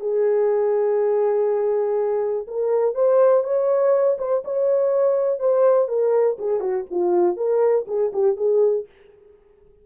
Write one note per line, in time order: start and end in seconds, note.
0.00 2.46 G#4
2.47 2.94 A#4
2.94 3.44 C5
3.44 4.17 C#5
4.18 4.43 C5
4.44 5.39 C#5
5.39 5.88 C5
5.88 6.37 A#4
6.38 6.60 G#4
6.60 6.85 F#4
6.91 7.36 F4
7.36 7.86 A#4
7.87 8.12 G#4
8.13 8.37 G4
8.37 8.86 G#4